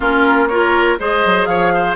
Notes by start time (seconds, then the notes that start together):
0.00 A#3 C#4 F4 A#4
0.48 F4 A#4 C#5
0.99 G#3 G#4 C5 D#5
1.25 F#3
1.45 F3 C#5 F5
1.74 C5